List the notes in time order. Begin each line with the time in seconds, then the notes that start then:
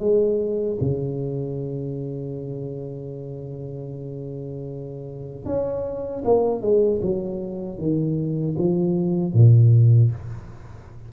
0.00 G#3
0.81 C#3
5.46 C#4
6.25 A#3
6.62 G#3
7.02 F#3
7.79 D#3
8.59 F3
9.34 A#2